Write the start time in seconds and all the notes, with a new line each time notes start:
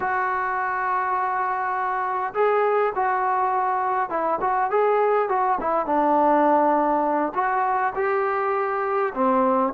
0.00 F#4
2.33 G#4
2.95 F#4
4.09 E4
4.41 F#4
4.70 G#4
5.28 F#4
5.60 E4
5.85 D4
7.34 F#4
7.95 G4
9.14 C4